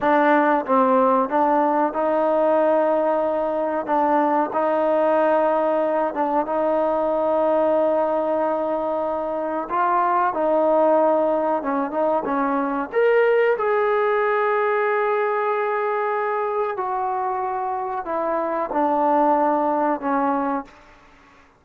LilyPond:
\new Staff \with { instrumentName = "trombone" } { \time 4/4 \tempo 4 = 93 d'4 c'4 d'4 dis'4~ | dis'2 d'4 dis'4~ | dis'4. d'8 dis'2~ | dis'2. f'4 |
dis'2 cis'8 dis'8 cis'4 | ais'4 gis'2.~ | gis'2 fis'2 | e'4 d'2 cis'4 | }